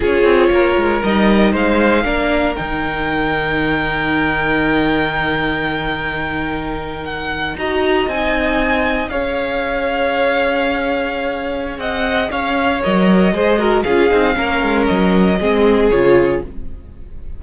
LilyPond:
<<
  \new Staff \with { instrumentName = "violin" } { \time 4/4 \tempo 4 = 117 cis''2 dis''4 f''4~ | f''4 g''2.~ | g''1~ | g''4.~ g''16 fis''4 ais''4 gis''16~ |
gis''4.~ gis''16 f''2~ f''16~ | f''2. fis''4 | f''4 dis''2 f''4~ | f''4 dis''2 cis''4 | }
  \new Staff \with { instrumentName = "violin" } { \time 4/4 gis'4 ais'2 c''4 | ais'1~ | ais'1~ | ais'2~ ais'8. dis''4~ dis''16~ |
dis''4.~ dis''16 cis''2~ cis''16~ | cis''2. dis''4 | cis''2 c''8 ais'8 gis'4 | ais'2 gis'2 | }
  \new Staff \with { instrumentName = "viola" } { \time 4/4 f'2 dis'2 | d'4 dis'2.~ | dis'1~ | dis'2~ dis'8. fis'4 dis'16~ |
dis'4.~ dis'16 gis'2~ gis'16~ | gis'1~ | gis'4 ais'4 gis'8 fis'8 f'8 dis'8 | cis'2 c'4 f'4 | }
  \new Staff \with { instrumentName = "cello" } { \time 4/4 cis'8 c'8 ais8 gis8 g4 gis4 | ais4 dis2.~ | dis1~ | dis2~ dis8. dis'4 c'16~ |
c'4.~ c'16 cis'2~ cis'16~ | cis'2. c'4 | cis'4 fis4 gis4 cis'8 c'8 | ais8 gis8 fis4 gis4 cis4 | }
>>